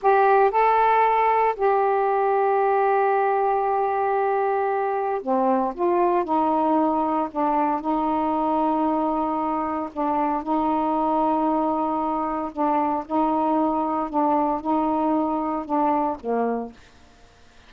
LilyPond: \new Staff \with { instrumentName = "saxophone" } { \time 4/4 \tempo 4 = 115 g'4 a'2 g'4~ | g'1~ | g'2 c'4 f'4 | dis'2 d'4 dis'4~ |
dis'2. d'4 | dis'1 | d'4 dis'2 d'4 | dis'2 d'4 ais4 | }